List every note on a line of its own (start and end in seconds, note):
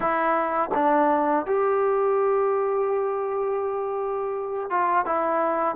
0.00 0.69 E4
0.74 1.46 D4
1.46 4.70 G4
4.70 5.05 F4
5.05 5.75 E4